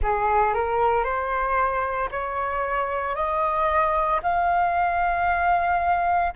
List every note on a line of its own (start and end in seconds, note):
0.02 0.54 G#4
0.54 1.03 A#4
1.03 2.09 C5
2.11 3.15 C#5
3.15 4.20 D#5
4.22 6.33 F5